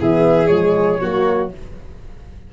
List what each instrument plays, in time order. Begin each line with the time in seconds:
0.00 tuba E3, horn B3, violin G#4, flute E5
0.47 tuba F3, horn G#3, flute C#5
1.00 tuba F#3, horn A#3, violin F#4